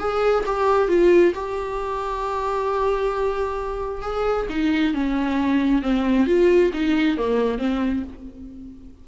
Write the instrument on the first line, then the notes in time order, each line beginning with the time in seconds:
viola
0.00 G#4
0.47 G4
0.89 F4
1.35 G4
4.02 G#4
4.50 D#4
4.94 C#4
5.83 C4
6.27 F4
6.74 D#4
7.18 A#3
7.59 C4